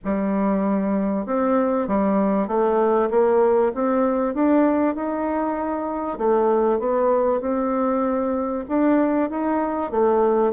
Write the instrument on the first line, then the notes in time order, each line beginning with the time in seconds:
bassoon
0.04 G3
1.26 C4
1.87 G3
2.47 A3
3.10 A#3
3.74 C4
4.34 D4
4.95 D#4
6.18 A3
6.79 B3
7.41 C4
8.68 D4
9.30 D#4
9.91 A3